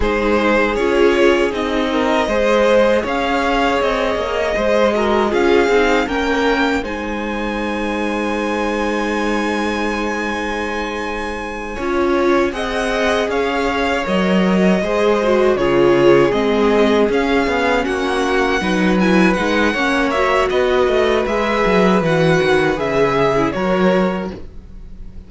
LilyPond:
<<
  \new Staff \with { instrumentName = "violin" } { \time 4/4 \tempo 4 = 79 c''4 cis''4 dis''2 | f''4 dis''2 f''4 | g''4 gis''2.~ | gis''1~ |
gis''8 fis''4 f''4 dis''4.~ | dis''8 cis''4 dis''4 f''4 fis''8~ | fis''4 gis''8 fis''4 e''8 dis''4 | e''4 fis''4 e''4 cis''4 | }
  \new Staff \with { instrumentName = "violin" } { \time 4/4 gis'2~ gis'8 ais'8 c''4 | cis''2 c''8 ais'8 gis'4 | ais'4 c''2.~ | c''2.~ c''8 cis''8~ |
cis''8 dis''4 cis''2 c''8~ | c''8 gis'2. fis'8~ | fis'8 b'4. cis''4 b'4~ | b'2~ b'8 gis'8 ais'4 | }
  \new Staff \with { instrumentName = "viola" } { \time 4/4 dis'4 f'4 dis'4 gis'4~ | gis'2~ gis'8 fis'8 f'8 dis'8 | cis'4 dis'2.~ | dis'2.~ dis'8 f'8~ |
f'8 gis'2 ais'4 gis'8 | fis'8 f'4 c'4 cis'4.~ | cis'8 dis'8 e'8 dis'8 cis'8 fis'4. | gis'4 fis'4 gis'8. e'16 fis'4 | }
  \new Staff \with { instrumentName = "cello" } { \time 4/4 gis4 cis'4 c'4 gis4 | cis'4 c'8 ais8 gis4 cis'8 c'8 | ais4 gis2.~ | gis2.~ gis8 cis'8~ |
cis'8 c'4 cis'4 fis4 gis8~ | gis8 cis4 gis4 cis'8 b8 ais8~ | ais8 fis4 gis8 ais4 b8 a8 | gis8 fis8 e8 dis8 cis4 fis4 | }
>>